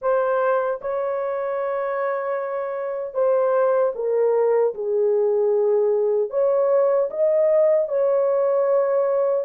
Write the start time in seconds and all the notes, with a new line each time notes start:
0.01 C5
0.81 C#5
3.14 C5
3.95 A#4
4.74 G#4
6.30 C#5
7.10 D#5
7.88 C#5